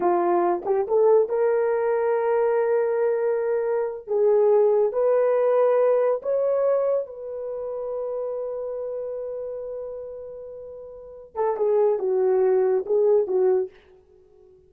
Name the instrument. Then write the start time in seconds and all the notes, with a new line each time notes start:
horn
0.00 F4
0.65 G4
0.87 A4
1.28 A#4
4.07 G#4
4.92 B4
6.22 C#5
7.06 B4
11.35 A4
11.56 G#4
11.99 F#4
12.86 G#4
13.27 F#4